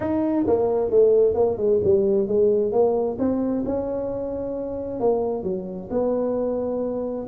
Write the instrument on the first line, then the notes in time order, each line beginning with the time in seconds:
tuba
0.00 D#4
0.46 A#3
0.90 A3
1.34 A#3
1.57 G#3
1.83 G3
2.27 G#3
2.72 A#3
3.19 C4
3.65 C#4
5.00 A#3
5.43 F#3
5.90 B3